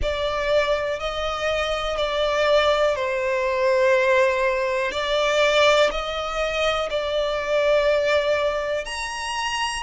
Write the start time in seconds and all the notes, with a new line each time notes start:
0.01 D5
0.99 D#5
1.97 D5
2.95 C5
4.91 D5
5.91 D#5
6.89 D5
8.85 A#5